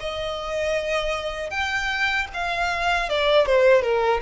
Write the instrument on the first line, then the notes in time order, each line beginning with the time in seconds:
violin
0.00 D#5
1.50 G5
2.33 F5
3.09 D5
3.46 C5
3.82 A#4